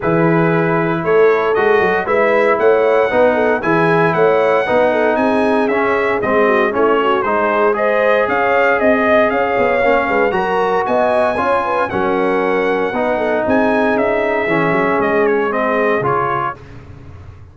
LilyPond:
<<
  \new Staff \with { instrumentName = "trumpet" } { \time 4/4 \tempo 4 = 116 b'2 cis''4 dis''4 | e''4 fis''2 gis''4 | fis''2 gis''4 e''4 | dis''4 cis''4 c''4 dis''4 |
f''4 dis''4 f''2 | ais''4 gis''2 fis''4~ | fis''2 gis''4 e''4~ | e''4 dis''8 cis''8 dis''4 cis''4 | }
  \new Staff \with { instrumentName = "horn" } { \time 4/4 gis'2 a'2 | b'4 cis''4 b'8 a'8 gis'4 | cis''4 b'8 a'8 gis'2~ | gis'8 fis'8 e'8 fis'8 gis'4 c''4 |
cis''4 dis''4 cis''4. b'8 | ais'4 dis''4 cis''8 b'8 ais'4~ | ais'4 b'8 a'8 gis'2~ | gis'1 | }
  \new Staff \with { instrumentName = "trombone" } { \time 4/4 e'2. fis'4 | e'2 dis'4 e'4~ | e'4 dis'2 cis'4 | c'4 cis'4 dis'4 gis'4~ |
gis'2. cis'4 | fis'2 f'4 cis'4~ | cis'4 dis'2. | cis'2 c'4 f'4 | }
  \new Staff \with { instrumentName = "tuba" } { \time 4/4 e2 a4 gis8 fis8 | gis4 a4 b4 e4 | a4 b4 c'4 cis'4 | gis4 a4 gis2 |
cis'4 c'4 cis'8 b8 ais8 gis8 | fis4 b4 cis'4 fis4~ | fis4 b4 c'4 cis'4 | e8 fis8 gis2 cis4 | }
>>